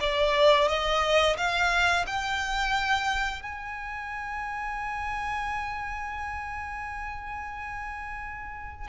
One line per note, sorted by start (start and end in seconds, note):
0.00 0.68 D5
0.68 1.36 D#5
1.37 2.05 F5
2.06 3.42 G5
3.42 8.87 G#5